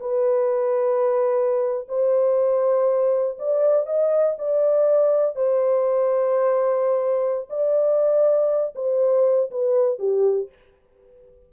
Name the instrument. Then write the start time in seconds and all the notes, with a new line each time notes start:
horn
0.00 B4
1.88 C5
3.38 D5
3.86 D#5
4.38 D5
5.35 C5
7.49 D5
8.75 C5
9.50 B4
9.98 G4